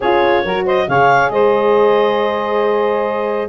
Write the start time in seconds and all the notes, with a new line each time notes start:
0.00 C#4 F4 G#4 C#5
0.44 F#3 F#4 A#4
0.64 C5 D#5
0.88 C#3 G#4 C#5 F5
1.30 G#3 C5 D#5